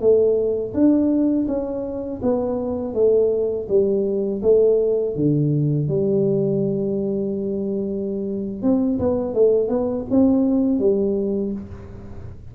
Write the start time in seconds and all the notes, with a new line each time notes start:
0.00 A3
0.73 D4
1.47 C#4
2.22 B3
2.93 A3
3.68 G3
4.42 A3
5.15 D3
5.88 G3
8.62 C4
8.98 B3
9.34 A3
9.68 B3
10.10 C4
10.79 G3